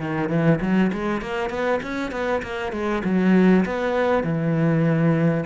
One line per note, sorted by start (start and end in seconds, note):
0.00 0.29 D#3
0.29 0.60 E3
0.62 0.92 F#3
0.93 1.22 G#3
1.22 1.50 A#3
1.50 1.80 B3
1.83 2.12 C#4
2.12 2.42 B3
2.43 2.73 A#3
2.73 3.03 G#3
3.05 3.65 F#3
3.66 4.24 B3
4.24 5.45 E3